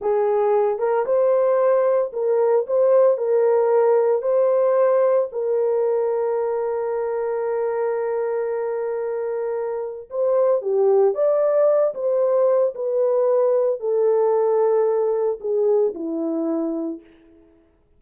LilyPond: \new Staff \with { instrumentName = "horn" } { \time 4/4 \tempo 4 = 113 gis'4. ais'8 c''2 | ais'4 c''4 ais'2 | c''2 ais'2~ | ais'1~ |
ais'2. c''4 | g'4 d''4. c''4. | b'2 a'2~ | a'4 gis'4 e'2 | }